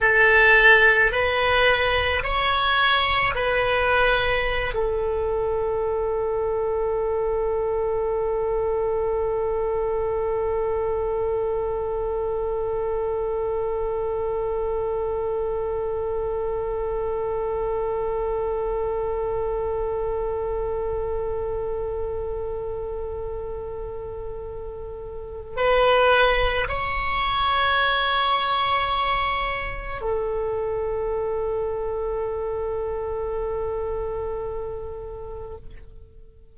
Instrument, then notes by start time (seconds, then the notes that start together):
oboe
0.00 A4
1.11 B4
2.23 C#5
3.34 B4
4.74 A4
25.56 B4
26.68 C#5
30.01 A4